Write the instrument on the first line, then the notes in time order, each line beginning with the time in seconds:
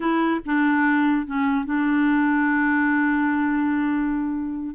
clarinet
0.00 E4
0.45 D4
1.26 C#4
1.65 D4